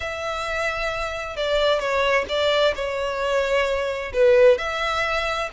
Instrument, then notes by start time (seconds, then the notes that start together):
violin
0.00 E5
1.36 D5
1.79 C#5
2.28 D5
2.75 C#5
4.13 B4
4.57 E5